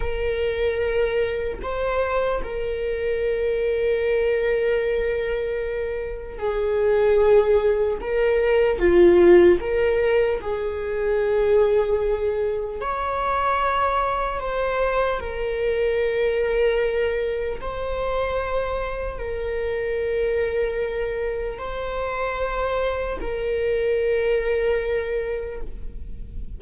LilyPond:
\new Staff \with { instrumentName = "viola" } { \time 4/4 \tempo 4 = 75 ais'2 c''4 ais'4~ | ais'1 | gis'2 ais'4 f'4 | ais'4 gis'2. |
cis''2 c''4 ais'4~ | ais'2 c''2 | ais'2. c''4~ | c''4 ais'2. | }